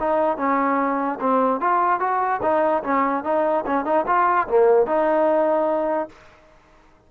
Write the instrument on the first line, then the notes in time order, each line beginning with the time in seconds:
trombone
0.00 D#4
0.38 C#4
1.20 C4
1.61 F4
2.00 F#4
2.42 D#4
2.84 C#4
3.24 D#4
3.66 C#4
3.85 D#4
4.07 F4
4.48 A#3
4.87 D#4